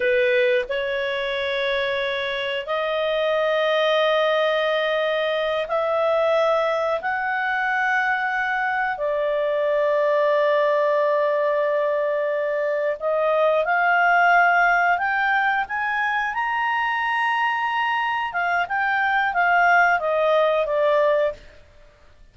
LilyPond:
\new Staff \with { instrumentName = "clarinet" } { \time 4/4 \tempo 4 = 90 b'4 cis''2. | dis''1~ | dis''8 e''2 fis''4.~ | fis''4. d''2~ d''8~ |
d''2.~ d''8 dis''8~ | dis''8 f''2 g''4 gis''8~ | gis''8 ais''2. f''8 | g''4 f''4 dis''4 d''4 | }